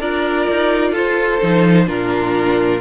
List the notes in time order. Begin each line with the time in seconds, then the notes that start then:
0.00 D4 F4 A#4 D5
0.51 D#4
0.91 F4 A4 C5
1.42 F3 D#4
1.87 A#2 D4 F4 A#4